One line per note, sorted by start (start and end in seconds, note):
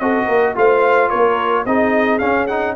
0.00 0.28 C4
0.00 0.55 F#4
0.00 0.26 A4
0.00 0.55 D#5
0.26 0.55 A#3
0.26 0.53 A#4
0.55 1.12 A3
0.55 1.65 F4
0.55 1.10 C5
0.55 1.10 F5
1.10 1.66 A#3
1.10 1.65 A#4
1.10 1.65 C#5
1.66 2.21 C4
1.66 2.21 D#4
1.66 2.76 G#4
1.66 2.19 D#5
2.19 2.49 C#4
2.19 2.76 C#4
2.19 2.47 F5
2.47 2.76 D#4
2.47 2.75 F#5